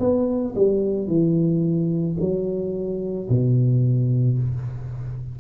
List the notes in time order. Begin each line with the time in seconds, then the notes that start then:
0.00 B3
0.56 G3
1.08 E3
2.20 F#3
3.30 B2